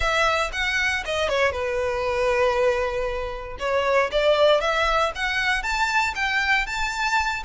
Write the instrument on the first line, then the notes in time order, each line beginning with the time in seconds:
violin
0.00 E5
0.52 F#5
1.05 D#5
1.28 C#5
1.52 B4
3.59 C#5
4.11 D5
4.60 E5
5.15 F#5
5.62 A5
6.15 G5
6.66 A5